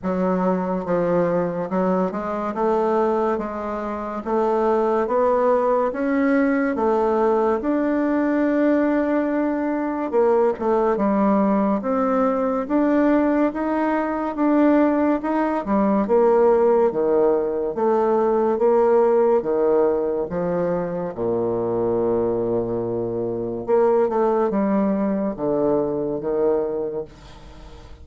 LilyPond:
\new Staff \with { instrumentName = "bassoon" } { \time 4/4 \tempo 4 = 71 fis4 f4 fis8 gis8 a4 | gis4 a4 b4 cis'4 | a4 d'2. | ais8 a8 g4 c'4 d'4 |
dis'4 d'4 dis'8 g8 ais4 | dis4 a4 ais4 dis4 | f4 ais,2. | ais8 a8 g4 d4 dis4 | }